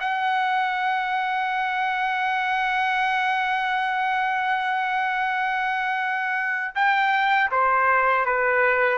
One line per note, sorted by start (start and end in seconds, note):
0.00 6.75 F#5
6.75 7.50 G5
7.51 8.26 C5
8.26 8.98 B4